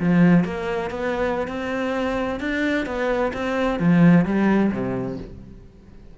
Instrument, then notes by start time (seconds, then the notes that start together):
cello
0.00 F3
0.45 A#3
0.91 B3
1.48 C4
2.41 D4
2.86 B3
3.34 C4
3.80 F3
4.25 G3
4.72 C3